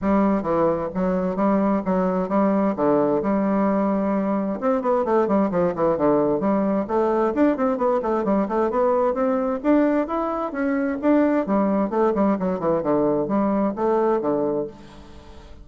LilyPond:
\new Staff \with { instrumentName = "bassoon" } { \time 4/4 \tempo 4 = 131 g4 e4 fis4 g4 | fis4 g4 d4 g4~ | g2 c'8 b8 a8 g8 | f8 e8 d4 g4 a4 |
d'8 c'8 b8 a8 g8 a8 b4 | c'4 d'4 e'4 cis'4 | d'4 g4 a8 g8 fis8 e8 | d4 g4 a4 d4 | }